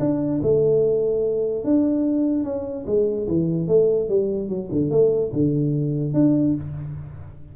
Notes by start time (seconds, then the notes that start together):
0.00 D4
0.43 A3
1.64 D4
2.44 C#4
2.87 G#3
3.28 E3
3.68 A3
4.09 G3
4.49 F#3
4.72 D3
4.91 A3
5.33 D3
6.14 D4